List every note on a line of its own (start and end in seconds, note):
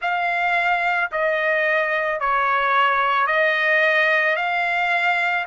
0.01 1.11 F5
1.11 2.20 D#5
2.20 3.27 C#5
3.27 4.36 D#5
4.36 5.45 F5